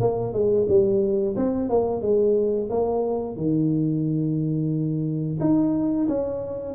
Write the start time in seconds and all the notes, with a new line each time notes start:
0.00 A#3
0.32 G#3
0.68 G3
1.36 C4
1.69 A#3
2.01 G#3
2.69 A#3
3.36 D#3
5.40 D#4
6.08 C#4